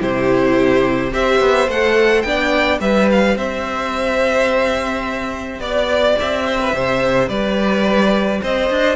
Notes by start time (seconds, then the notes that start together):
0.00 C3 E4 G4 C5
1.11 C4 G4 C5 E5
1.40 B3
1.68 A3 A4 F#5
2.22 B3 D4 G5
2.28 D5
2.79 G3 G4 B4 E5
3.11 F5
3.35 C4 C5 E5
5.59 B3 D5
6.19 C4 E5
6.46 C5
6.60 B4
6.73 C3 C5
7.28 G3 B4 D5
8.42 C4 C5 D#5
8.70 D4